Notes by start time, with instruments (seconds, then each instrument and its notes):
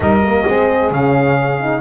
0.00 double bass G3, horn D#4, saxophone A#4, trumpet D#5
0.24 horn A#3
0.47 double bass G#3, horn C4, saxophone G#4
0.90 double bass C#3, horn C#4, trumpet F5
1.60 horn D#4